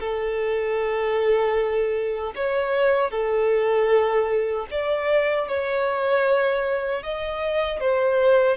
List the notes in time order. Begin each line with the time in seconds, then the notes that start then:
0.00 A4
2.36 C#5
3.11 A4
4.71 D5
5.48 C#5
7.03 D#5
7.80 C5